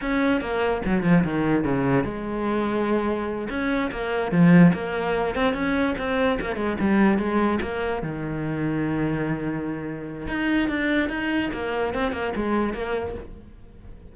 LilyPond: \new Staff \with { instrumentName = "cello" } { \time 4/4 \tempo 4 = 146 cis'4 ais4 fis8 f8 dis4 | cis4 gis2.~ | gis8 cis'4 ais4 f4 ais8~ | ais4 c'8 cis'4 c'4 ais8 |
gis8 g4 gis4 ais4 dis8~ | dis1~ | dis4 dis'4 d'4 dis'4 | ais4 c'8 ais8 gis4 ais4 | }